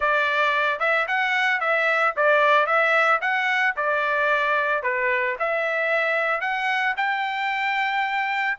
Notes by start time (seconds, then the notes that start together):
0.00 D5
0.79 E5
1.07 F#5
1.60 E5
2.16 D5
2.66 E5
3.21 F#5
3.76 D5
4.82 B4
5.39 E5
6.40 F#5
6.96 G5